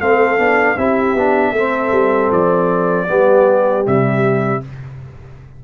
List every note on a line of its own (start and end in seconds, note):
0.00 0.38 A3
0.00 0.38 C4
0.00 0.78 A4
0.00 0.78 F5
0.38 0.76 B3
0.38 0.77 D4
0.77 1.15 C4
0.77 1.17 E4
0.77 1.53 G4
0.77 2.32 E5
1.15 1.52 B3
1.15 1.56 D4
1.52 1.91 A3
1.52 3.07 C4
1.52 3.07 A4
1.92 2.30 G3
2.31 3.08 F3
2.31 3.86 D5
3.07 3.86 G3
3.07 3.84 B3
3.07 4.61 G4
3.84 4.64 C3
3.84 4.61 G3
3.84 4.64 E5